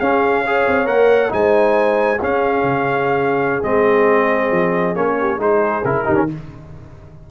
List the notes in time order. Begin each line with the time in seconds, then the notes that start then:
0.00 C#4 G#4 F5
0.44 G#4 C#5
0.67 C4
0.86 A#3 A#4 F#5
1.29 G#3 D#4 C5 G#5
2.20 C#4 G#4 F5
2.63 C#3
3.63 G#3 C4 D#5
4.51 F3
4.95 A#3 C#4 C#5
5.20 G4
5.37 G#3 D#4 G#4 C5
5.84 C#3 E4 A#4
6.05 D#3 D#4 G4
6.15 C#4